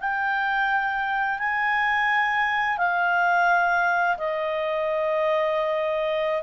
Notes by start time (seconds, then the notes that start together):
0.00 G5
1.39 G#5
2.78 F5
4.18 D#5